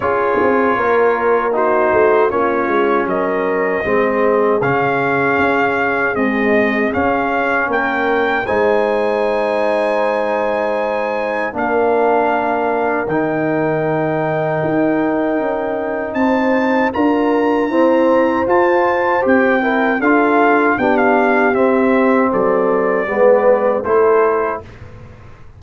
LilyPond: <<
  \new Staff \with { instrumentName = "trumpet" } { \time 4/4 \tempo 4 = 78 cis''2 c''4 cis''4 | dis''2 f''2 | dis''4 f''4 g''4 gis''4~ | gis''2. f''4~ |
f''4 g''2.~ | g''4 a''4 ais''2 | a''4 g''4 f''4 g''16 f''8. | e''4 d''2 c''4 | }
  \new Staff \with { instrumentName = "horn" } { \time 4/4 gis'4 ais'4 fis'4 f'4 | ais'4 gis'2.~ | gis'2 ais'4 c''4~ | c''2. ais'4~ |
ais'1~ | ais'4 c''4 ais'4 c''4~ | c''4. ais'8 a'4 g'4~ | g'4 a'4 b'4 a'4 | }
  \new Staff \with { instrumentName = "trombone" } { \time 4/4 f'2 dis'4 cis'4~ | cis'4 c'4 cis'2 | gis4 cis'2 dis'4~ | dis'2. d'4~ |
d'4 dis'2.~ | dis'2 f'4 c'4 | f'4 g'8 e'8 f'4 d'4 | c'2 b4 e'4 | }
  \new Staff \with { instrumentName = "tuba" } { \time 4/4 cis'8 c'8 ais4. a8 ais8 gis8 | fis4 gis4 cis4 cis'4 | c'4 cis'4 ais4 gis4~ | gis2. ais4~ |
ais4 dis2 dis'4 | cis'4 c'4 d'4 e'4 | f'4 c'4 d'4 b4 | c'4 fis4 gis4 a4 | }
>>